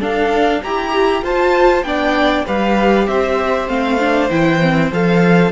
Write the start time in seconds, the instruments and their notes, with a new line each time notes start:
0.00 cello D4, viola D4, violin A4 F5
0.63 cello E4, viola G4, violin G4 A#5
1.22 cello F4, viola F4, violin C5 A5
1.83 cello B3, viola D4, violin D5 G5
2.46 cello G3, viola G4, violin B4 F5
3.07 cello C4, violin C5 E5
3.68 cello A3, viola C4, violin F5
4.00 viola D4
4.30 cello E3, viola E4, violin G5
4.62 viola C4
4.92 cello F3, viola A4, violin F5